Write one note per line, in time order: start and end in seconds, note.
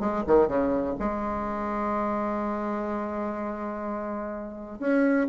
0.00 0.24 G#3
0.27 0.48 D#3
0.48 0.96 C#3
0.99 4.80 G#3
4.80 5.28 C#4